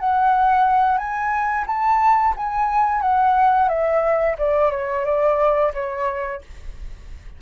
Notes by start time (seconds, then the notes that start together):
0.00 F#5
0.98 G#5
1.67 A5
2.37 G#5
3.02 F#5
3.69 E5
4.39 D5
4.72 C#5
5.06 D5
5.74 C#5